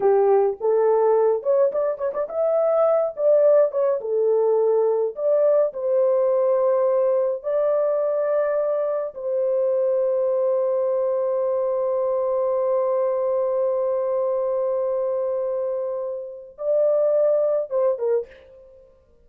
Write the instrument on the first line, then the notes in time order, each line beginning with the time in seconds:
horn
0.00 G4
0.60 A4
1.43 C#5
1.71 D5
1.97 C#5
2.13 D5
2.29 E5
3.16 D5
3.71 C#5
4.01 A4
5.15 D5
5.73 C5
7.42 D5
9.14 C5
16.58 D5
17.70 C5
17.98 A#4